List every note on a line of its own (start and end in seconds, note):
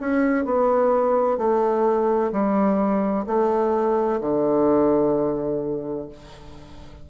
0.00 0.45 C#4
0.45 1.38 B3
1.38 2.31 A3
2.32 3.26 G3
3.26 4.20 A3
4.21 6.09 D3